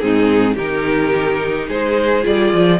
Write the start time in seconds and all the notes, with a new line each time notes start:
0.00 G#2 C4 D#4 G#4
0.55 D#3 D#4 G4 A#4
1.68 G#3 G#4 C5
2.22 G3 F4 D5
2.53 F3